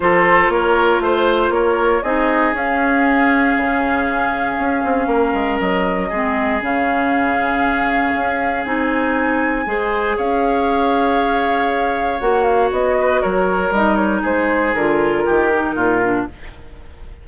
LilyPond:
<<
  \new Staff \with { instrumentName = "flute" } { \time 4/4 \tempo 4 = 118 c''4 cis''4 c''4 cis''4 | dis''4 f''2.~ | f''2. dis''4~ | dis''4 f''2.~ |
f''4 gis''2. | f''1 | fis''8 f''8 dis''4 cis''4 dis''8 cis''8 | c''4 ais'2. | }
  \new Staff \with { instrumentName = "oboe" } { \time 4/4 a'4 ais'4 c''4 ais'4 | gis'1~ | gis'2 ais'2 | gis'1~ |
gis'2. c''4 | cis''1~ | cis''4. b'8 ais'2 | gis'2 g'4 f'4 | }
  \new Staff \with { instrumentName = "clarinet" } { \time 4/4 f'1 | dis'4 cis'2.~ | cis'1 | c'4 cis'2.~ |
cis'4 dis'2 gis'4~ | gis'1 | fis'2. dis'4~ | dis'4 f'4. dis'4 d'8 | }
  \new Staff \with { instrumentName = "bassoon" } { \time 4/4 f4 ais4 a4 ais4 | c'4 cis'2 cis4~ | cis4 cis'8 c'8 ais8 gis8 fis4 | gis4 cis2. |
cis'4 c'2 gis4 | cis'1 | ais4 b4 fis4 g4 | gis4 d4 dis4 ais,4 | }
>>